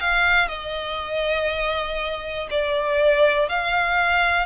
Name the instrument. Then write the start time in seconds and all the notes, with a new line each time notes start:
violin
0.00 F5
0.49 D#5
2.51 D5
3.49 F5